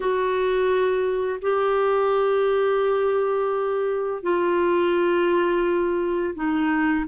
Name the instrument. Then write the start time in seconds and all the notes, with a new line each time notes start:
clarinet
0.00 F#4
1.41 G4
4.22 F4
6.34 D#4